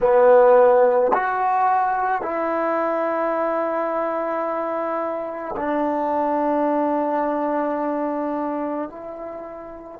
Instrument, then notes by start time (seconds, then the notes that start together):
trombone
0.01 B3
1.13 F#4
2.22 E4
5.56 D4
8.89 E4